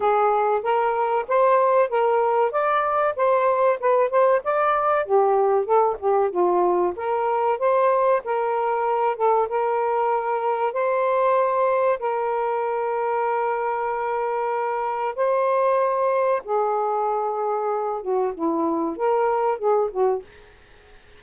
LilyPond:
\new Staff \with { instrumentName = "saxophone" } { \time 4/4 \tempo 4 = 95 gis'4 ais'4 c''4 ais'4 | d''4 c''4 b'8 c''8 d''4 | g'4 a'8 g'8 f'4 ais'4 | c''4 ais'4. a'8 ais'4~ |
ais'4 c''2 ais'4~ | ais'1 | c''2 gis'2~ | gis'8 fis'8 e'4 ais'4 gis'8 fis'8 | }